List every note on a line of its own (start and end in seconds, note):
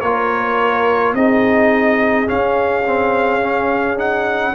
0.00 1.13 A#3
0.00 1.16 F4
0.00 1.14 A#4
0.00 1.13 C#5
1.13 2.26 C4
1.13 2.26 D#4
1.13 4.55 G#4
1.13 2.28 D#5
2.26 2.83 C#4
2.26 4.55 C#4
2.26 3.98 F5
2.86 3.41 C4
3.41 3.96 C#4
3.96 4.53 D#4
3.96 4.55 F#5